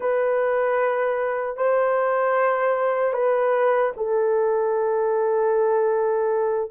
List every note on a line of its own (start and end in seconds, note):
0.00 1.56 B4
1.56 3.13 C5
3.13 3.92 B4
3.97 6.70 A4